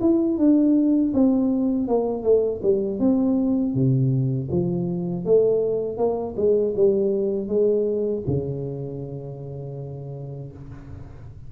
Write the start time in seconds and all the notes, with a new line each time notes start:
0.00 E4
0.38 D4
1.14 C4
1.88 A#3
2.23 A3
2.62 G3
2.99 C4
3.74 C3
4.51 F3
5.24 A3
5.97 A#3
6.36 G#3
6.75 G3
7.47 G#3
8.26 C#3